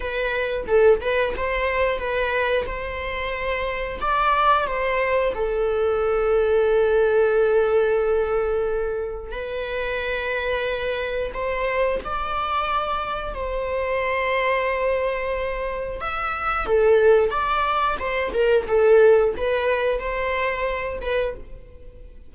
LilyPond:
\new Staff \with { instrumentName = "viola" } { \time 4/4 \tempo 4 = 90 b'4 a'8 b'8 c''4 b'4 | c''2 d''4 c''4 | a'1~ | a'2 b'2~ |
b'4 c''4 d''2 | c''1 | e''4 a'4 d''4 c''8 ais'8 | a'4 b'4 c''4. b'8 | }